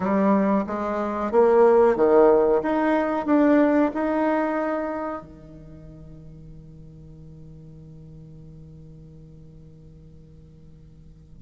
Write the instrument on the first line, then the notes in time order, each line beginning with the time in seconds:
bassoon
0.00 G3
0.66 G#3
1.31 A#3
1.96 D#3
2.62 D#4
3.26 D4
3.94 D#4
5.22 D#3